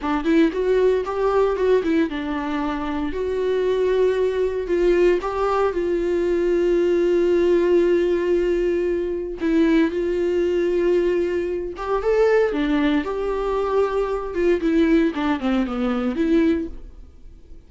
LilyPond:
\new Staff \with { instrumentName = "viola" } { \time 4/4 \tempo 4 = 115 d'8 e'8 fis'4 g'4 fis'8 e'8 | d'2 fis'2~ | fis'4 f'4 g'4 f'4~ | f'1~ |
f'2 e'4 f'4~ | f'2~ f'8 g'8 a'4 | d'4 g'2~ g'8 f'8 | e'4 d'8 c'8 b4 e'4 | }